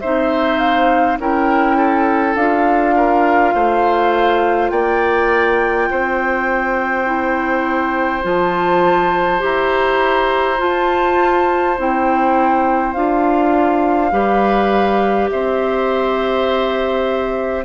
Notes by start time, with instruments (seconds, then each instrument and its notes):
0.00 bassoon C4, clarinet D#4, oboe C5, flute E5
0.59 flute F5
1.19 bassoon C#4, clarinet E4, oboe A#4, flute G5
1.77 oboe A4
2.35 bassoon D4, clarinet F4, flute F5
2.97 oboe A#4
3.54 bassoon A3, oboe C5
4.70 bassoon A#3, oboe D5, flute G5
5.90 bassoon C4, oboe C5
7.06 clarinet E4
8.23 bassoon F3, clarinet F4, flute A5
9.39 bassoon E4, clarinet G4, flute A#5
10.58 clarinet F4, bassoon F4, flute A5
11.78 bassoon C4, clarinet E4, flute G5
12.94 bassoon D4, clarinet F4, flute F5
14.12 bassoon G3, clarinet G4, oboe B4
15.30 bassoon C4, oboe C5, flute E5